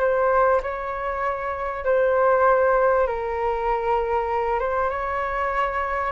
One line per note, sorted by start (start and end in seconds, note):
0.00 0.61 C5
0.63 1.85 C#5
1.85 3.07 C5
3.07 4.59 A#4
4.59 4.90 C5
4.90 6.12 C#5